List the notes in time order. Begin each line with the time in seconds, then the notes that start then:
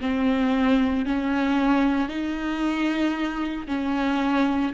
0.00 C4
1.05 C#4
2.08 D#4
3.67 C#4